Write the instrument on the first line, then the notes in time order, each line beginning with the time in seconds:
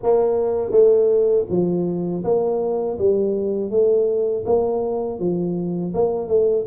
tuba
0.02 A#3
0.71 A3
1.49 F3
2.24 A#3
2.98 G3
3.70 A3
4.45 A#3
5.19 F3
5.94 A#3
6.28 A3